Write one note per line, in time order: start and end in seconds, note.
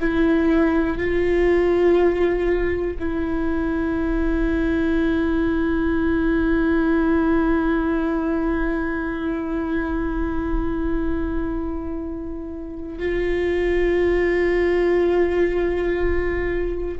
0.00 0.98 E4
0.98 2.98 F4
2.99 12.98 E4
12.98 16.98 F4